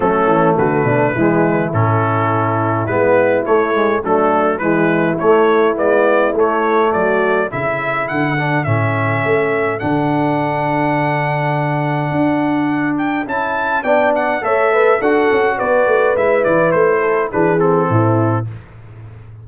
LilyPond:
<<
  \new Staff \with { instrumentName = "trumpet" } { \time 4/4 \tempo 4 = 104 a'4 b'2 a'4~ | a'4 b'4 cis''4 a'4 | b'4 cis''4 d''4 cis''4 | d''4 e''4 fis''4 e''4~ |
e''4 fis''2.~ | fis''2~ fis''8 g''8 a''4 | g''8 fis''8 e''4 fis''4 d''4 | e''8 d''8 c''4 b'8 a'4. | }
  \new Staff \with { instrumentName = "horn" } { \time 4/4 cis'4 fis'8 d'8 e'2~ | e'2. d'4 | e'1 | fis'4 a'2.~ |
a'1~ | a'1 | d''4 cis''8 b'8 a'4 b'4~ | b'4. a'8 gis'4 e'4 | }
  \new Staff \with { instrumentName = "trombone" } { \time 4/4 a2 gis4 cis'4~ | cis'4 b4 a8 gis8 a4 | gis4 a4 b4 a4~ | a4 e'4. d'8 cis'4~ |
cis'4 d'2.~ | d'2. e'4 | d'4 a'4 fis'2 | e'2 d'8 c'4. | }
  \new Staff \with { instrumentName = "tuba" } { \time 4/4 fis8 e8 d8 b,8 e4 a,4~ | a,4 gis4 a4 fis4 | e4 a4 gis4 a4 | fis4 cis4 d4 a,4 |
a4 d2.~ | d4 d'2 cis'4 | b4 a4 d'8 cis'8 b8 a8 | gis8 e8 a4 e4 a,4 | }
>>